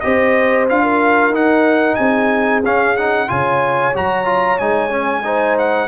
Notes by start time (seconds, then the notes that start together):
0.00 C4 G4 C5 D#5
0.69 D4 F4 F5
0.83 A#4
1.29 D#4 F#5
1.95 C4 G#4 G#5
2.63 C#4 F5
2.97 D#4 F#5
3.28 C#3 F4 C#5 G#5
3.94 F#3 F#4 A#5
4.25 F4
4.59 G#3 D#4 G#5
4.90 C#4
5.24 D#4 C5
5.58 F#5